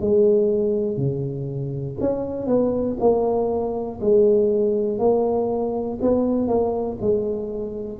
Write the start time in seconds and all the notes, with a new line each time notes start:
0.00 G#3
0.96 C#3
2.00 C#4
2.47 B3
3.00 A#3
4.00 G#3
4.98 A#3
6.01 B3
6.48 A#3
7.01 G#3